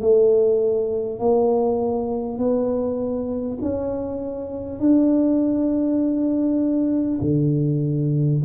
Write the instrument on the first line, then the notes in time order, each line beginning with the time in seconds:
tuba
0.00 A3
1.19 A#3
2.37 B3
3.61 C#4
4.79 D4
7.21 D3